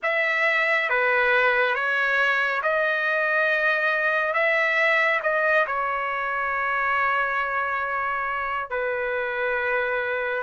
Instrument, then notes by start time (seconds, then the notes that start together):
trumpet
0.02 E5
0.89 B4
1.74 C#5
2.62 D#5
4.33 E5
5.22 D#5
5.66 C#5
8.70 B4